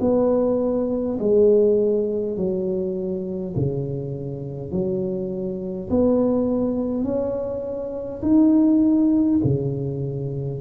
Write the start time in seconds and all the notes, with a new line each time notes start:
0.00 B3
1.19 G#3
2.36 F#3
3.56 C#3
4.72 F#3
5.90 B3
7.04 C#4
8.22 D#4
9.44 C#3